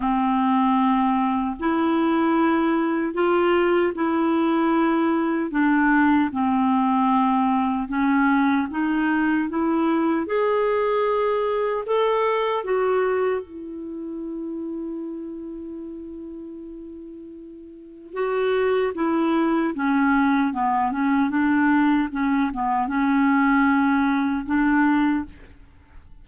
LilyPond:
\new Staff \with { instrumentName = "clarinet" } { \time 4/4 \tempo 4 = 76 c'2 e'2 | f'4 e'2 d'4 | c'2 cis'4 dis'4 | e'4 gis'2 a'4 |
fis'4 e'2.~ | e'2. fis'4 | e'4 cis'4 b8 cis'8 d'4 | cis'8 b8 cis'2 d'4 | }